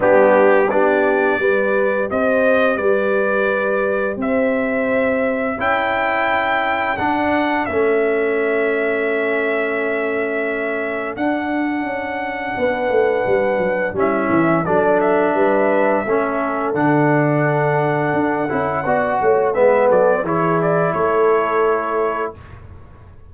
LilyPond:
<<
  \new Staff \with { instrumentName = "trumpet" } { \time 4/4 \tempo 4 = 86 g'4 d''2 dis''4 | d''2 e''2 | g''2 fis''4 e''4~ | e''1 |
fis''1 | e''4 d''8 e''2~ e''8 | fis''1 | e''8 d''8 cis''8 d''8 cis''2 | }
  \new Staff \with { instrumentName = "horn" } { \time 4/4 d'4 g'4 b'4 c''4 | b'2 c''2 | a'1~ | a'1~ |
a'2 b'2 | e'4 a'4 b'4 a'4~ | a'2. d''8 cis''8 | b'8 a'8 gis'4 a'2 | }
  \new Staff \with { instrumentName = "trombone" } { \time 4/4 b4 d'4 g'2~ | g'1 | e'2 d'4 cis'4~ | cis'1 |
d'1 | cis'4 d'2 cis'4 | d'2~ d'8 e'8 fis'4 | b4 e'2. | }
  \new Staff \with { instrumentName = "tuba" } { \time 4/4 g4 b4 g4 c'4 | g2 c'2 | cis'2 d'4 a4~ | a1 |
d'4 cis'4 b8 a8 g8 fis8 | g8 e8 fis4 g4 a4 | d2 d'8 cis'8 b8 a8 | gis8 fis8 e4 a2 | }
>>